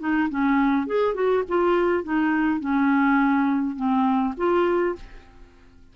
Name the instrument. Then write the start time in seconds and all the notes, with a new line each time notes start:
clarinet
0.00 D#4
0.30 C#4
0.87 G#4
1.15 F#4
1.49 F4
2.04 D#4
2.60 C#4
3.77 C4
4.38 F4